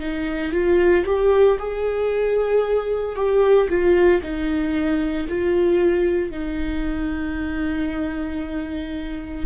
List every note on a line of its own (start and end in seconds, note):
0.00 0.52 D#4
0.52 1.05 F4
1.06 1.58 G4
1.59 3.16 G#4
3.16 3.68 G4
3.69 4.22 F4
4.22 5.28 D#4
5.28 6.31 F4
6.31 9.46 D#4